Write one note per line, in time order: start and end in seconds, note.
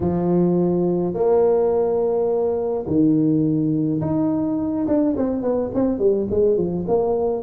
0.00 1.14 F3
1.14 2.85 A#3
2.86 4.01 D#3
4.01 4.86 D#4
4.87 5.16 D4
5.17 5.42 C4
5.42 5.70 B3
5.74 5.98 C4
5.98 6.27 G3
6.30 6.56 G#3
6.56 6.85 F3
6.87 7.42 A#3